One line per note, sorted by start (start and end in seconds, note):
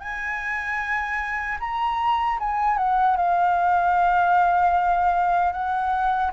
0.00 1.58 G#5
1.60 2.39 A#5
2.39 2.77 G#5
2.77 3.16 F#5
3.16 5.52 F5
5.52 6.31 F#5